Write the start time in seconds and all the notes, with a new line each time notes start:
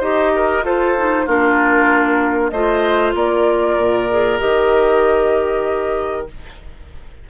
0.00 D#4 G4 C5 D#5
0.36 A#4
0.61 F4 A4 C5
0.97 D#4
1.26 A#3 D4 F4 A#4
2.49 A3 F4 C5 D#5
3.15 A#3 A#4 D5
3.77 A#2
4.10 G#4
4.39 D#3 G4 D#5